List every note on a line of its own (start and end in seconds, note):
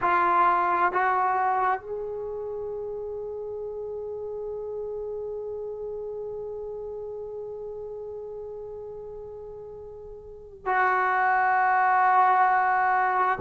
0.01 0.92 F4
0.92 1.80 F#4
1.80 10.66 G#4
10.66 13.38 F#4